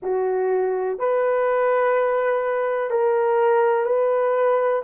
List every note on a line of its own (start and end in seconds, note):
0.02 0.99 F#4
0.99 2.90 B4
2.90 3.85 A#4
3.85 4.82 B4